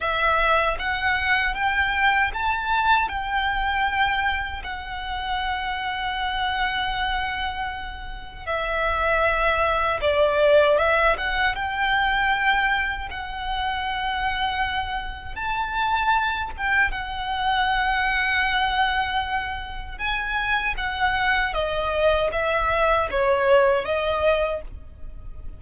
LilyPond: \new Staff \with { instrumentName = "violin" } { \time 4/4 \tempo 4 = 78 e''4 fis''4 g''4 a''4 | g''2 fis''2~ | fis''2. e''4~ | e''4 d''4 e''8 fis''8 g''4~ |
g''4 fis''2. | a''4. g''8 fis''2~ | fis''2 gis''4 fis''4 | dis''4 e''4 cis''4 dis''4 | }